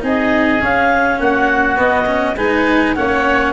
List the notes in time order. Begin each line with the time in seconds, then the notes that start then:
0.00 C4 D#4 G#4 D#5
0.60 C#4 F5
1.19 A#3 F#4 F#5
1.76 B3 D#5
2.06 C#4
2.35 G#3 D#4 B4 G#5
2.95 A#3 C#4 C#5 F#5